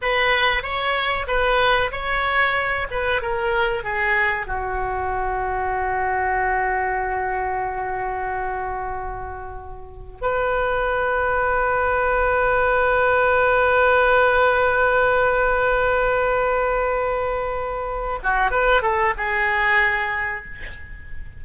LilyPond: \new Staff \with { instrumentName = "oboe" } { \time 4/4 \tempo 4 = 94 b'4 cis''4 b'4 cis''4~ | cis''8 b'8 ais'4 gis'4 fis'4~ | fis'1~ | fis'1 |
b'1~ | b'1~ | b'1~ | b'8 fis'8 b'8 a'8 gis'2 | }